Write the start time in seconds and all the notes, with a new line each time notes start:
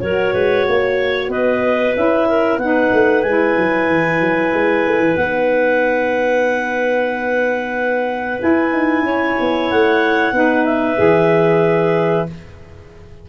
0.00 F#3 F#4 A#4 C#5
0.34 G#3 B4
0.67 A#3 C#5
1.28 B3 B4 D#5
1.95 C#4 E4 E5
2.28 A#4
2.58 B3 D#4 F#5
2.64 B4
2.93 A3
3.23 G#3 E4 G#5
3.57 F#3
3.88 E3
4.21 F#3
4.54 G#3
4.87 A3
4.99 E3
5.17 B3 D#4 F#5
8.39 E4 G#5
8.72 D#4
9.03 C#4 C#5
9.40 B3
9.71 A3 F#5
10.32 B3 D#4 B4
10.65 E5
10.97 E3 G#4